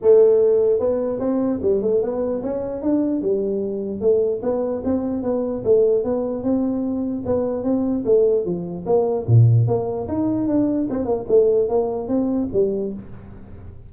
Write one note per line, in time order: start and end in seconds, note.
0.01 0.79 A3
0.79 1.19 B3
1.19 1.60 C4
1.62 1.82 G3
1.82 2.02 A3
2.02 2.42 B3
2.42 2.82 C#4
2.82 3.21 D4
3.21 4.00 G3
4.00 4.41 A3
4.42 4.82 B3
4.84 5.22 C4
5.22 5.63 B3
5.64 6.04 A3
6.04 6.43 B3
6.43 7.23 C4
7.25 7.63 B3
7.63 8.03 C4
8.05 8.45 A3
8.45 8.85 F3
8.86 9.26 A#3
9.27 9.67 A#2
9.67 10.07 A#3
10.07 10.47 D#4
10.47 10.87 D4
10.90 11.05 C4
11.05 11.25 A#3
11.28 11.68 A3
11.69 12.08 A#3
12.08 12.48 C4
12.53 12.93 G3